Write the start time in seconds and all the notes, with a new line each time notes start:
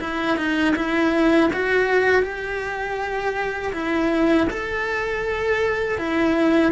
0.00 E4
0.37 D#4
0.75 E4
1.53 F#4
2.22 G4
3.72 E4
4.50 A4
5.98 E4